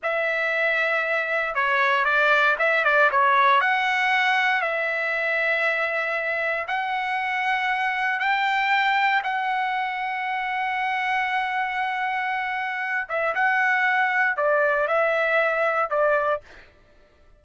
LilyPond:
\new Staff \with { instrumentName = "trumpet" } { \time 4/4 \tempo 4 = 117 e''2. cis''4 | d''4 e''8 d''8 cis''4 fis''4~ | fis''4 e''2.~ | e''4 fis''2. |
g''2 fis''2~ | fis''1~ | fis''4. e''8 fis''2 | d''4 e''2 d''4 | }